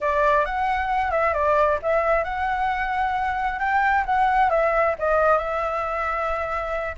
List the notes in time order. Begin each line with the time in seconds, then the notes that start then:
0.01 D5
0.45 F#5
1.11 E5
1.33 D5
1.82 E5
2.24 F#5
3.59 G5
4.05 F#5
4.50 E5
4.98 D#5
5.37 E5